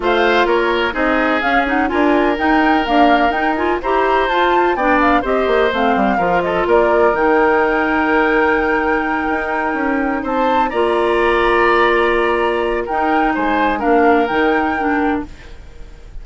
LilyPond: <<
  \new Staff \with { instrumentName = "flute" } { \time 4/4 \tempo 4 = 126 f''4 cis''4 dis''4 f''8 fis''8 | gis''4 g''4 f''4 g''8 gis''8 | ais''4 a''4 g''8 f''8 dis''4 | f''4. dis''8 d''4 g''4~ |
g''1~ | g''4. a''4 ais''4.~ | ais''2. g''4 | gis''4 f''4 g''2 | }
  \new Staff \with { instrumentName = "oboe" } { \time 4/4 c''4 ais'4 gis'2 | ais'1 | c''2 d''4 c''4~ | c''4 ais'8 a'8 ais'2~ |
ais'1~ | ais'4. c''4 d''4.~ | d''2. ais'4 | c''4 ais'2. | }
  \new Staff \with { instrumentName = "clarinet" } { \time 4/4 f'2 dis'4 cis'8 dis'8 | f'4 dis'4 ais4 dis'8 f'8 | g'4 f'4 d'4 g'4 | c'4 f'2 dis'4~ |
dis'1~ | dis'2~ dis'8 f'4.~ | f'2. dis'4~ | dis'4 d'4 dis'4 d'4 | }
  \new Staff \with { instrumentName = "bassoon" } { \time 4/4 a4 ais4 c'4 cis'4 | d'4 dis'4 d'4 dis'4 | e'4 f'4 b4 c'8 ais8 | a8 g8 f4 ais4 dis4~ |
dis2.~ dis8 dis'8~ | dis'8 cis'4 c'4 ais4.~ | ais2. dis'4 | gis4 ais4 dis2 | }
>>